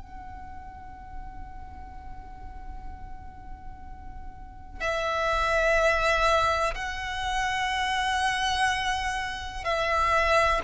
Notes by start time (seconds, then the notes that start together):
0.00 F#5
4.81 E5
6.75 F#5
9.64 E5